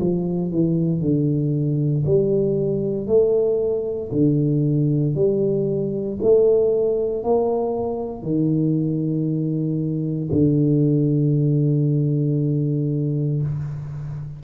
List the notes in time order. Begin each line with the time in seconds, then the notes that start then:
0.00 F3
0.51 E3
1.01 D3
2.05 G3
3.07 A3
4.11 D3
5.15 G3
6.22 A3
7.23 A#3
8.22 D#3
10.32 D3